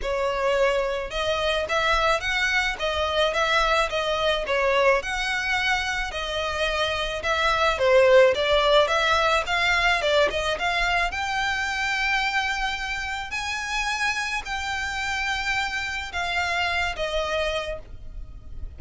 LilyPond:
\new Staff \with { instrumentName = "violin" } { \time 4/4 \tempo 4 = 108 cis''2 dis''4 e''4 | fis''4 dis''4 e''4 dis''4 | cis''4 fis''2 dis''4~ | dis''4 e''4 c''4 d''4 |
e''4 f''4 d''8 dis''8 f''4 | g''1 | gis''2 g''2~ | g''4 f''4. dis''4. | }